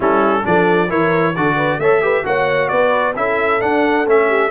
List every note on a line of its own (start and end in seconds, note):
0.00 0.43 G3
0.00 0.43 C#4
0.00 0.45 E4
0.00 0.45 A4
0.43 0.91 F3
0.43 0.88 D4
0.43 0.89 A4
0.43 0.90 D5
0.89 1.36 E3
0.89 1.34 E4
0.89 1.34 A#4
0.89 1.35 C#5
1.35 1.77 D3
1.35 1.81 F#4
1.35 1.56 A4
1.35 1.80 D5
1.56 1.79 B4
1.77 2.23 A3
1.77 2.01 A4
1.77 2.02 C#5
1.77 2.25 E5
2.01 2.24 G4
2.01 2.25 B4
2.24 2.70 A#3
2.24 3.14 F#4
2.24 2.71 C#5
2.24 2.68 F#5
2.68 3.16 B3
2.68 3.16 B4
2.68 3.13 D5
3.16 3.61 C#4
3.16 3.60 E4
3.16 4.28 A4
3.16 3.61 E5
3.60 4.05 D4
3.60 4.06 D4
3.60 4.06 F#5
4.06 4.50 A3
4.06 4.50 C#4
4.06 4.50 E5
4.28 4.50 G4